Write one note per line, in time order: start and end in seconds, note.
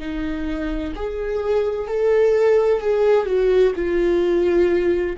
0.00 0.94 D#4
0.96 1.88 G#4
1.88 2.81 A4
2.81 3.26 G#4
3.26 3.73 F#4
3.76 5.17 F4